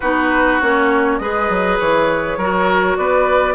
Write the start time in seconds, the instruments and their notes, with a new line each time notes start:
0.00 bassoon B3, clarinet D#4, oboe F#4, flute B4
0.60 bassoon A#3, clarinet C#4, flute C#5
1.18 bassoon G#3, clarinet G#4, oboe B4, flute D#5
1.49 bassoon F#3
1.79 bassoon E3, flute C#5
2.37 bassoon F#3, clarinet F#4, oboe A#4
2.97 bassoon B3, oboe B4, flute D5